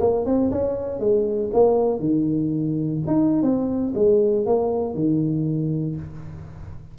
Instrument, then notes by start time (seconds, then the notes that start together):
tuba
0.00 A#3
0.25 C4
0.51 C#4
1.00 G#3
1.53 A#3
1.99 D#3
3.07 D#4
3.42 C4
3.95 G#3
4.46 A#3
4.94 D#3